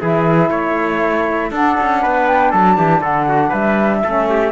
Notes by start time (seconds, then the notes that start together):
0.00 E3 E4 G#4 E5
0.50 A3 C#5
1.51 D4 A4 F#5
1.81 C#4
2.02 B3 B4
2.28 G5
2.51 F#3 A4 A5
2.78 E3 G4
3.01 D3 A4 F#5
3.29 F#4
3.49 G3 B4 E5
4.04 A3 C#4 A4
4.30 G4